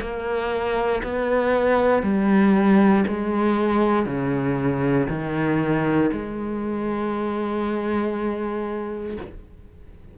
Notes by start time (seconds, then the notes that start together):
0.00 A#3
1.03 B3
2.02 G3
3.07 G#3
4.05 C#3
5.08 D#3
6.12 G#3